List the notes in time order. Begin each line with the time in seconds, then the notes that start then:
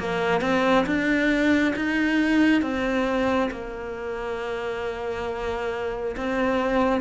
0.00 A#3
0.42 C4
0.87 D4
1.76 D#4
2.62 C4
3.51 A#3
6.17 C4